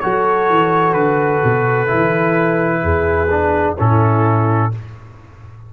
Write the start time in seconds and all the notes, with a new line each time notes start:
0.00 F#3 F#4 A4 C#5
0.49 E3
0.93 D3 B4
1.44 B2
1.87 E3 E4
2.82 E2 G#4
3.30 D4
3.78 A2 C#4 E4 A4